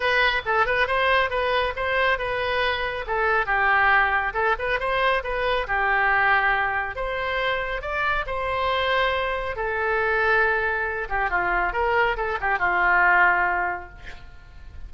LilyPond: \new Staff \with { instrumentName = "oboe" } { \time 4/4 \tempo 4 = 138 b'4 a'8 b'8 c''4 b'4 | c''4 b'2 a'4 | g'2 a'8 b'8 c''4 | b'4 g'2. |
c''2 d''4 c''4~ | c''2 a'2~ | a'4. g'8 f'4 ais'4 | a'8 g'8 f'2. | }